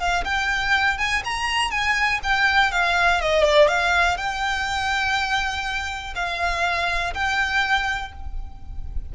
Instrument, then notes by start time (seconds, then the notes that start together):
violin
0.00 F5
0.25 G5
0.99 G#5
1.25 A#5
1.71 G#5
2.24 G5
2.72 F5
3.21 D#5
3.44 D5
3.69 F5
4.18 G5
6.16 F5
7.14 G5